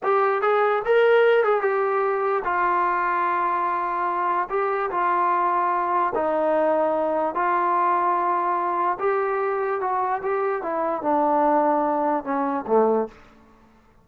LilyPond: \new Staff \with { instrumentName = "trombone" } { \time 4/4 \tempo 4 = 147 g'4 gis'4 ais'4. gis'8 | g'2 f'2~ | f'2. g'4 | f'2. dis'4~ |
dis'2 f'2~ | f'2 g'2 | fis'4 g'4 e'4 d'4~ | d'2 cis'4 a4 | }